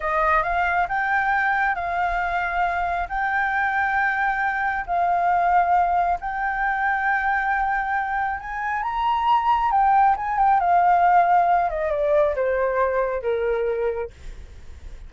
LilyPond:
\new Staff \with { instrumentName = "flute" } { \time 4/4 \tempo 4 = 136 dis''4 f''4 g''2 | f''2. g''4~ | g''2. f''4~ | f''2 g''2~ |
g''2. gis''4 | ais''2 g''4 gis''8 g''8 | f''2~ f''8 dis''8 d''4 | c''2 ais'2 | }